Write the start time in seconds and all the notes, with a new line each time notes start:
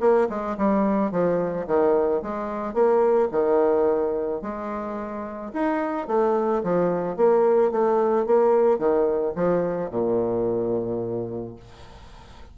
0.00 A#3
0.29 G#3
0.57 G3
1.11 F3
1.67 D#3
2.22 G#3
2.73 A#3
3.31 D#3
4.42 G#3
5.53 D#4
6.07 A3
6.63 F3
7.16 A#3
7.71 A3
8.26 A#3
8.78 D#3
9.35 F3
9.91 A#2